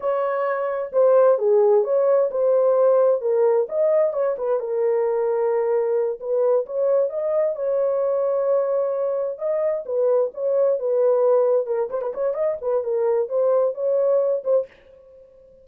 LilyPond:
\new Staff \with { instrumentName = "horn" } { \time 4/4 \tempo 4 = 131 cis''2 c''4 gis'4 | cis''4 c''2 ais'4 | dis''4 cis''8 b'8 ais'2~ | ais'4. b'4 cis''4 dis''8~ |
dis''8 cis''2.~ cis''8~ | cis''8 dis''4 b'4 cis''4 b'8~ | b'4. ais'8 c''16 b'16 cis''8 dis''8 b'8 | ais'4 c''4 cis''4. c''8 | }